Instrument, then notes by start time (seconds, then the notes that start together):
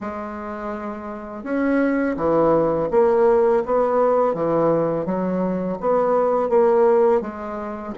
bassoon
0.00 G#3
1.43 C#4
2.17 E3
2.90 A#3
3.65 B3
4.34 E3
5.05 F#3
5.80 B3
6.49 A#3
7.21 G#3